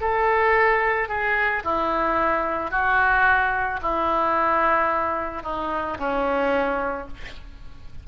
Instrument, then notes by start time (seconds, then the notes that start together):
oboe
0.00 A4
1.08 G#4
1.64 E4
2.71 F#4
3.82 E4
5.43 D#4
5.99 C#4